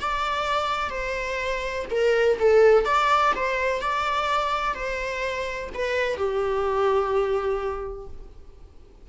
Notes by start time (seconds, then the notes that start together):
0.00 D5
0.90 C5
1.90 A#4
2.39 A4
2.85 D5
3.35 C5
3.81 D5
4.74 C5
5.74 B4
6.16 G4